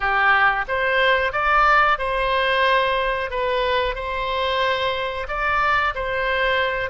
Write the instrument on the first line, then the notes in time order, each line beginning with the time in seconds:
oboe
0.00 G4
0.67 C5
1.32 D5
1.98 C5
3.30 B4
3.95 C5
5.28 D5
5.94 C5